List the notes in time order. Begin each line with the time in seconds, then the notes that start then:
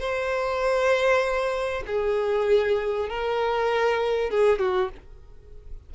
0.00 C5
1.87 G#4
3.09 A#4
4.31 G#4
4.59 F#4